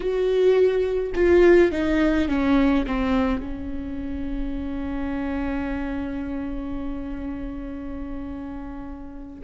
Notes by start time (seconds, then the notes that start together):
0.00 F#4
1.15 F4
1.71 D#4
2.28 C#4
2.86 C4
3.40 C#4